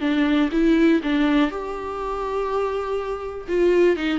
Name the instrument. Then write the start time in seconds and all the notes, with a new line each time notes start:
viola
0.00 D4
0.52 E4
1.03 D4
1.50 G4
3.48 F4
3.97 D#4